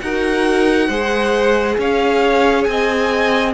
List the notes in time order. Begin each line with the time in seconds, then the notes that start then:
0.00 D#4 F#4 A#4 F#5
0.88 G#3 G#4 C5
1.78 C#4 C#5 F5
2.63 C4 G#5
2.70 D#5